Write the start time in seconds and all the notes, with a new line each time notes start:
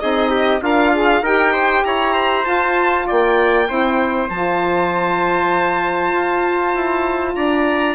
0.00 C4 D#4 G#4 D#5
0.30 G4
0.61 D4 F4 A#4 F5
0.93 G#4
1.22 D#4 G4 A#4 G5
1.53 C5
1.85 E4 C#5 A#5
2.14 C5
2.43 F4 A5
3.07 A#3 D5 G5
3.67 C4 E4 C5
4.29 F3 F4 A5
6.13 F4
6.74 E4
7.35 D4 D5 A#5